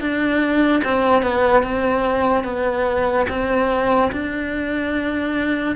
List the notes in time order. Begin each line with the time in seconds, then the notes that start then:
0.00 D4
0.84 C4
1.23 B3
1.63 C4
2.44 B3
3.29 C4
4.12 D4